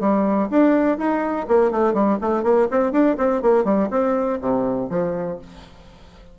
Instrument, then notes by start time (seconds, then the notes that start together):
bassoon
0.00 G3
0.50 D4
0.98 D#4
1.48 A#3
1.71 A3
1.93 G3
2.21 A3
2.43 A#3
2.71 C4
2.92 D4
3.17 C4
3.42 A#3
3.64 G3
3.90 C4
4.41 C3
4.90 F3